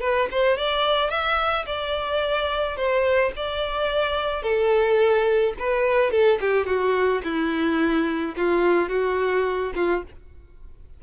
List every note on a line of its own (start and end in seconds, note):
0.00 0.28 B4
0.31 0.57 C5
0.57 1.09 D5
1.09 1.65 E5
1.66 2.76 D5
2.76 3.32 C5
3.36 4.42 D5
4.42 5.54 A4
5.59 6.10 B4
6.10 6.38 A4
6.40 6.66 G4
6.66 7.21 F#4
7.23 8.34 E4
8.36 8.89 F4
8.89 9.72 F#4
9.75 10.03 F4